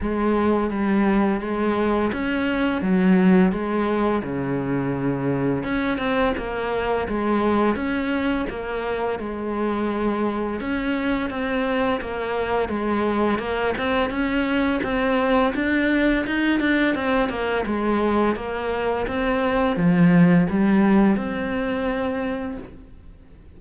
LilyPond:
\new Staff \with { instrumentName = "cello" } { \time 4/4 \tempo 4 = 85 gis4 g4 gis4 cis'4 | fis4 gis4 cis2 | cis'8 c'8 ais4 gis4 cis'4 | ais4 gis2 cis'4 |
c'4 ais4 gis4 ais8 c'8 | cis'4 c'4 d'4 dis'8 d'8 | c'8 ais8 gis4 ais4 c'4 | f4 g4 c'2 | }